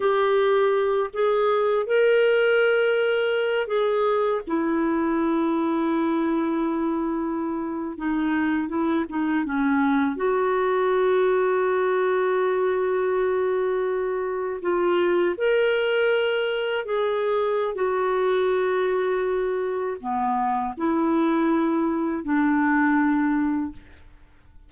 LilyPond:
\new Staff \with { instrumentName = "clarinet" } { \time 4/4 \tempo 4 = 81 g'4. gis'4 ais'4.~ | ais'4 gis'4 e'2~ | e'2~ e'8. dis'4 e'16~ | e'16 dis'8 cis'4 fis'2~ fis'16~ |
fis'2.~ fis'8. f'16~ | f'8. ais'2 gis'4~ gis'16 | fis'2. b4 | e'2 d'2 | }